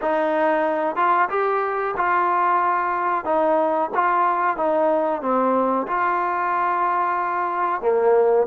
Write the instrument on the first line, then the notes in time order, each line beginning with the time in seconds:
trombone
0.01 D#4
0.96 F4
1.29 G4
1.96 F4
3.24 D#4
3.94 F4
4.57 D#4
5.21 C4
5.87 F4
7.81 A#3